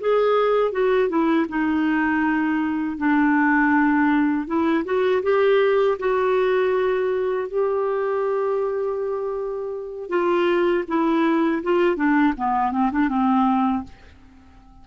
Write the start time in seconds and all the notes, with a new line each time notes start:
0.00 G#4
0.71 F#4
1.08 E4
1.48 D#4
2.97 D4
4.47 E4
4.84 F#4
5.23 G4
5.99 F#4
7.48 G4
10.09 F4
10.88 E4
11.62 F4
11.96 D4
12.37 B3
12.72 C4
12.91 D4
13.08 C4